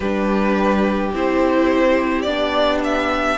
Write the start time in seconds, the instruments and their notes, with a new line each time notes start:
0.00 cello G3, viola D4, violin G4 B4
1.13 cello C4, viola E4, violin C5
2.22 cello B3, viola D4, violin D5
2.84 violin E5